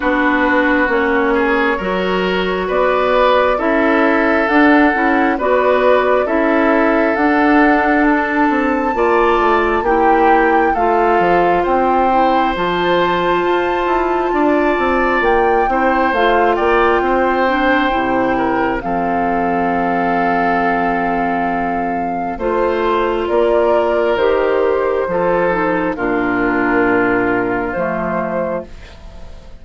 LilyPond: <<
  \new Staff \with { instrumentName = "flute" } { \time 4/4 \tempo 4 = 67 b'4 cis''2 d''4 | e''4 fis''4 d''4 e''4 | fis''4 a''2 g''4 | f''4 g''4 a''2~ |
a''4 g''4 f''8 g''4.~ | g''4 f''2.~ | f''4 c''4 d''4 c''4~ | c''4 ais'2 c''4 | }
  \new Staff \with { instrumentName = "oboe" } { \time 4/4 fis'4. gis'8 ais'4 b'4 | a'2 b'4 a'4~ | a'2 d''4 g'4 | a'4 c''2. |
d''4. c''4 d''8 c''4~ | c''8 ais'8 a'2.~ | a'4 c''4 ais'2 | a'4 f'2. | }
  \new Staff \with { instrumentName = "clarinet" } { \time 4/4 d'4 cis'4 fis'2 | e'4 d'8 e'8 fis'4 e'4 | d'2 f'4 e'4 | f'4. e'8 f'2~ |
f'4. e'8 f'4. d'8 | e'4 c'2.~ | c'4 f'2 g'4 | f'8 dis'8 d'2 a4 | }
  \new Staff \with { instrumentName = "bassoon" } { \time 4/4 b4 ais4 fis4 b4 | cis'4 d'8 cis'8 b4 cis'4 | d'4. c'8 ais8 a8 ais4 | a8 f8 c'4 f4 f'8 e'8 |
d'8 c'8 ais8 c'8 a8 ais8 c'4 | c4 f2.~ | f4 a4 ais4 dis4 | f4 ais,2 f4 | }
>>